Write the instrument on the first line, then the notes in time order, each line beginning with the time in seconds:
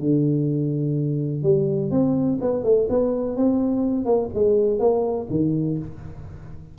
tuba
0.00 D3
1.43 G3
1.92 C4
2.42 B3
2.64 A3
2.90 B3
3.37 C4
4.06 A#3
4.35 G#3
4.80 A#3
5.30 D#3